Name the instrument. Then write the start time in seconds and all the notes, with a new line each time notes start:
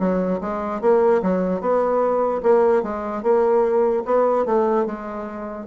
bassoon
0.00 F#3
0.41 G#3
0.81 A#3
1.23 F#3
1.61 B3
2.43 A#3
2.83 G#3
3.23 A#3
4.05 B3
4.46 A3
4.86 G#3